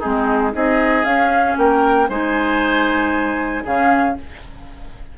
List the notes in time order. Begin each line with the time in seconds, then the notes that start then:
0.00 G#3 C4 D#4 G#4
0.53 C4 D#4 G#4 D#5
1.05 C#4 F5
1.58 A#3 A#4 G5
2.09 G#3 D#4 C5 G#5
3.64 C#3 C#4 G#4 F5